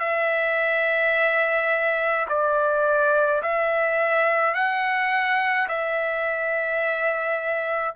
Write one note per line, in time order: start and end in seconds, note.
0.00 2.26 E5
2.29 3.42 D5
3.43 4.55 E5
4.55 5.68 F#5
5.69 7.95 E5